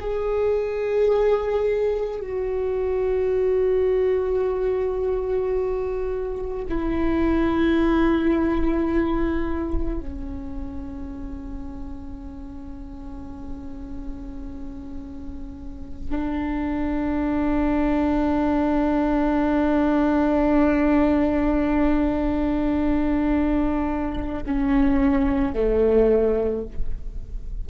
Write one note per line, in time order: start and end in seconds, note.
0.00 2.20 G#4
2.20 6.65 F#4
6.69 10.00 E4
10.00 16.10 C#4
16.10 24.43 D4
24.46 25.53 C#4
25.53 26.64 A3